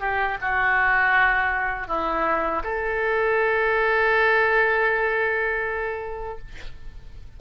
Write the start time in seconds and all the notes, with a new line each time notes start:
0.00 G4
0.41 F#4
1.88 E4
2.64 A4